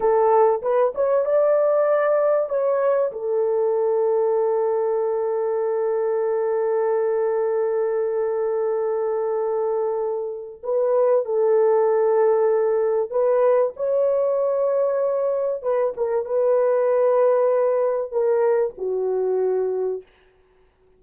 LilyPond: \new Staff \with { instrumentName = "horn" } { \time 4/4 \tempo 4 = 96 a'4 b'8 cis''8 d''2 | cis''4 a'2.~ | a'1~ | a'1~ |
a'4 b'4 a'2~ | a'4 b'4 cis''2~ | cis''4 b'8 ais'8 b'2~ | b'4 ais'4 fis'2 | }